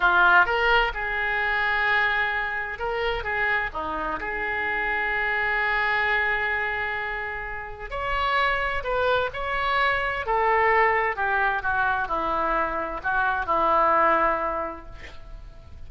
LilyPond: \new Staff \with { instrumentName = "oboe" } { \time 4/4 \tempo 4 = 129 f'4 ais'4 gis'2~ | gis'2 ais'4 gis'4 | dis'4 gis'2.~ | gis'1~ |
gis'4 cis''2 b'4 | cis''2 a'2 | g'4 fis'4 e'2 | fis'4 e'2. | }